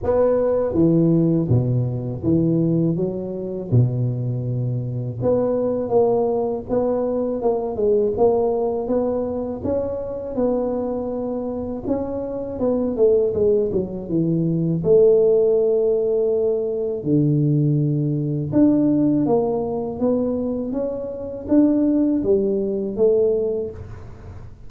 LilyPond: \new Staff \with { instrumentName = "tuba" } { \time 4/4 \tempo 4 = 81 b4 e4 b,4 e4 | fis4 b,2 b4 | ais4 b4 ais8 gis8 ais4 | b4 cis'4 b2 |
cis'4 b8 a8 gis8 fis8 e4 | a2. d4~ | d4 d'4 ais4 b4 | cis'4 d'4 g4 a4 | }